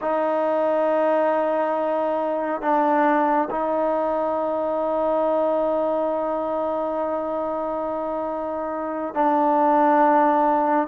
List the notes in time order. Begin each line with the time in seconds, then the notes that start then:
0.01 D#4
2.61 D4
3.50 D#4
9.14 D4